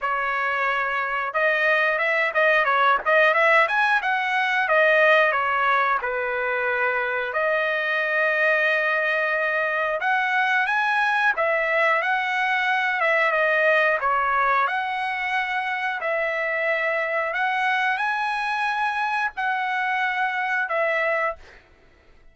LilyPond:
\new Staff \with { instrumentName = "trumpet" } { \time 4/4 \tempo 4 = 90 cis''2 dis''4 e''8 dis''8 | cis''8 dis''8 e''8 gis''8 fis''4 dis''4 | cis''4 b'2 dis''4~ | dis''2. fis''4 |
gis''4 e''4 fis''4. e''8 | dis''4 cis''4 fis''2 | e''2 fis''4 gis''4~ | gis''4 fis''2 e''4 | }